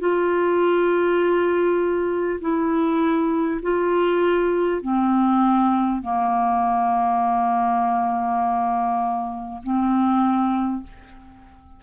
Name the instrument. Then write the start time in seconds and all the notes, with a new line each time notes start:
clarinet
0.00 F4
2.41 E4
3.63 F4
4.82 C4
6.02 A#3
9.63 C4